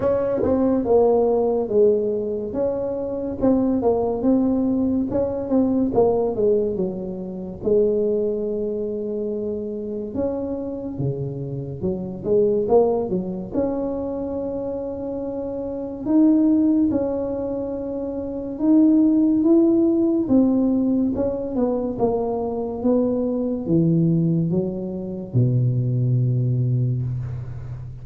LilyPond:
\new Staff \with { instrumentName = "tuba" } { \time 4/4 \tempo 4 = 71 cis'8 c'8 ais4 gis4 cis'4 | c'8 ais8 c'4 cis'8 c'8 ais8 gis8 | fis4 gis2. | cis'4 cis4 fis8 gis8 ais8 fis8 |
cis'2. dis'4 | cis'2 dis'4 e'4 | c'4 cis'8 b8 ais4 b4 | e4 fis4 b,2 | }